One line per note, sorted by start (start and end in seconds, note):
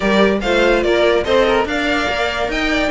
0.00 0.42 G3
0.00 0.40 G4
0.00 0.39 A#4
0.00 0.39 D5
0.41 0.84 A3
0.41 1.25 F4
0.41 0.83 C5
0.41 0.82 F5
0.82 1.25 A#3
0.82 1.24 A#4
0.82 1.24 D5
1.24 1.65 C4
1.24 1.66 A4
1.24 1.46 C5
1.24 1.65 D#5
1.48 1.67 A#4
1.65 2.06 D4
1.65 2.91 A#4
1.65 2.51 D5
1.65 2.50 F5
2.08 2.48 A#3
2.48 2.89 D#4
2.48 2.71 D#5
2.48 2.91 G5
2.71 2.91 D5